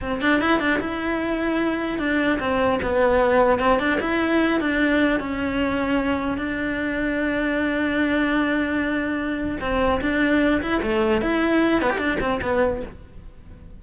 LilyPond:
\new Staff \with { instrumentName = "cello" } { \time 4/4 \tempo 4 = 150 c'8 d'8 e'8 d'8 e'2~ | e'4 d'4 c'4 b4~ | b4 c'8 d'8 e'4. d'8~ | d'4 cis'2. |
d'1~ | d'1 | c'4 d'4. e'8 a4 | e'4. b16 g'16 d'8 c'8 b4 | }